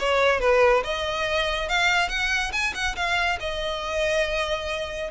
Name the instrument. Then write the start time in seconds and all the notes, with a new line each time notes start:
violin
0.00 C#5
0.41 B4
0.84 D#5
1.69 F5
2.09 F#5
2.52 G#5
2.74 F#5
2.96 F5
3.40 D#5